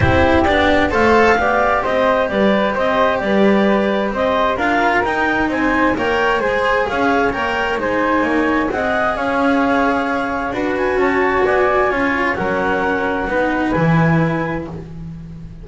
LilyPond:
<<
  \new Staff \with { instrumentName = "clarinet" } { \time 4/4 \tempo 4 = 131 c''4 d''4 f''2 | dis''4 d''4 dis''4 d''4~ | d''4 dis''4 f''4 g''4 | gis''4 g''4 gis''4 f''4 |
g''4 gis''2 fis''4 | f''2. fis''8 gis''8 | a''4 gis''2 fis''4~ | fis''2 gis''2 | }
  \new Staff \with { instrumentName = "flute" } { \time 4/4 g'2 c''4 d''4 | c''4 b'4 c''4 b'4~ | b'4 c''4 ais'2 | c''4 cis''4 c''4 cis''4~ |
cis''4 c''4 cis''4 dis''4 | cis''2. b'4 | cis''4 d''4 cis''4 ais'4~ | ais'4 b'2. | }
  \new Staff \with { instrumentName = "cello" } { \time 4/4 e'4 d'4 a'4 g'4~ | g'1~ | g'2 f'4 dis'4~ | dis'4 ais'4 gis'2 |
ais'4 dis'2 gis'4~ | gis'2. fis'4~ | fis'2 f'4 cis'4~ | cis'4 dis'4 e'2 | }
  \new Staff \with { instrumentName = "double bass" } { \time 4/4 c'4 b4 a4 b4 | c'4 g4 c'4 g4~ | g4 c'4 d'4 dis'4 | c'4 ais4 gis4 cis'4 |
ais4 gis4 ais4 c'4 | cis'2. d'4 | cis'4 b4 cis'4 fis4~ | fis4 b4 e2 | }
>>